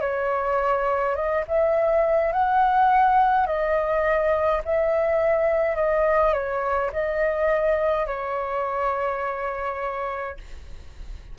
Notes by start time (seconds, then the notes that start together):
0.00 C#5
1.15 D#5
1.47 E5
2.32 F#5
3.46 D#5
4.65 E5
5.75 D#5
6.33 C#5
6.92 D#5
8.06 C#5